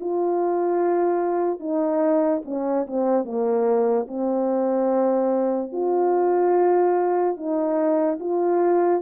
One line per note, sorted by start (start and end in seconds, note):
0.00 1.60 F4
1.60 2.42 D#4
2.45 2.86 C#4
2.87 3.24 C4
3.24 4.06 A#3
4.08 5.72 C4
5.72 7.37 F4
7.37 8.19 D#4
8.20 9.02 F4